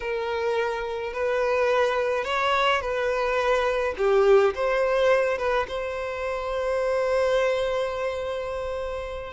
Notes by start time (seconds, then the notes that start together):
0.00 A#4
1.13 B4
2.24 C#5
2.81 B4
3.97 G4
4.54 C5
5.38 B4
5.68 C5